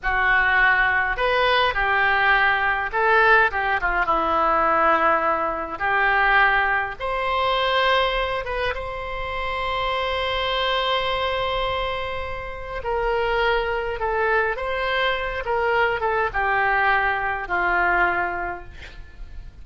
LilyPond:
\new Staff \with { instrumentName = "oboe" } { \time 4/4 \tempo 4 = 103 fis'2 b'4 g'4~ | g'4 a'4 g'8 f'8 e'4~ | e'2 g'2 | c''2~ c''8 b'8 c''4~ |
c''1~ | c''2 ais'2 | a'4 c''4. ais'4 a'8 | g'2 f'2 | }